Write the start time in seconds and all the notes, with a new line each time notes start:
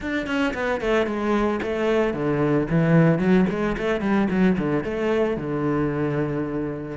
0.00 D4
0.26 C#4
0.54 B3
0.80 A3
1.06 G#3
1.62 A3
2.13 D3
2.70 E3
3.18 F#3
3.49 G#3
3.77 A3
4.01 G3
4.30 F#3
4.58 D3
4.84 A3
5.36 D3